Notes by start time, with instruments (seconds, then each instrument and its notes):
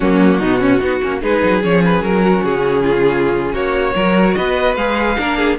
0.00 cello F#3, viola A#3, violin C#4 F#4
0.39 cello B2, viola B3, violin D#4
0.59 viola C#4, violin C#4
0.80 cello B3, viola D#4, violin F#4
1.02 cello A#3, viola C#4
1.21 cello G#3, viola D#4, violin G#4 B4
1.43 cello F#3
1.61 cello F3, viola C#4, violin C#5
1.85 violin B4
2.01 cello F#3, violin A#4
2.23 violin F#4
2.44 cello C#3, violin G#4
2.83 violin F4
3.53 cello A#3, violin F#4 C#5
3.94 cello F#3, viola F#4, violin A#4
4.34 cello B3, violin B4 D#5
4.76 cello G#3, viola G#4, violin F5
5.17 cello A#3, viola D4, violin A#4
5.37 violin G#4